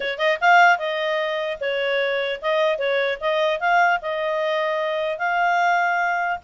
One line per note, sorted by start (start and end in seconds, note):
0.00 0.18 C#5
0.18 0.38 D#5
0.40 0.78 F5
0.78 1.58 D#5
1.60 2.40 C#5
2.41 2.78 D#5
2.78 3.18 C#5
3.20 3.60 D#5
3.60 4.00 F5
4.01 5.18 D#5
5.18 6.38 F5